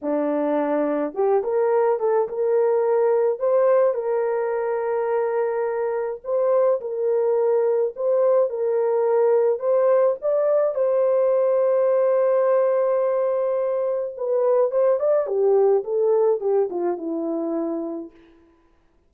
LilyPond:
\new Staff \with { instrumentName = "horn" } { \time 4/4 \tempo 4 = 106 d'2 g'8 ais'4 a'8 | ais'2 c''4 ais'4~ | ais'2. c''4 | ais'2 c''4 ais'4~ |
ais'4 c''4 d''4 c''4~ | c''1~ | c''4 b'4 c''8 d''8 g'4 | a'4 g'8 f'8 e'2 | }